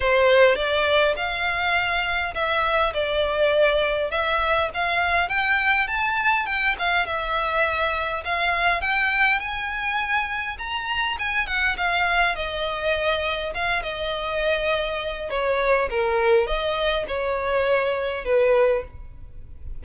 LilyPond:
\new Staff \with { instrumentName = "violin" } { \time 4/4 \tempo 4 = 102 c''4 d''4 f''2 | e''4 d''2 e''4 | f''4 g''4 a''4 g''8 f''8 | e''2 f''4 g''4 |
gis''2 ais''4 gis''8 fis''8 | f''4 dis''2 f''8 dis''8~ | dis''2 cis''4 ais'4 | dis''4 cis''2 b'4 | }